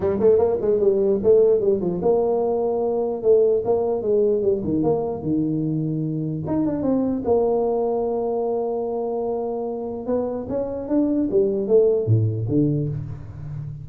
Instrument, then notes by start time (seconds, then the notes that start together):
tuba
0.00 G3
0.19 A3
0.38 A#3
0.61 G#3
0.80 G3
1.23 A3
1.60 G3
1.80 F3
2.02 A#3
3.22 A3
3.64 A#3
4.02 G#3
4.42 G3
4.63 D#3
4.83 A#3
5.22 D#3
6.46 D#4
6.66 D4
6.82 C4
7.24 A#3
10.06 B3
10.49 C#4
10.88 D4
11.30 G3
11.67 A3
12.06 A2
12.48 D3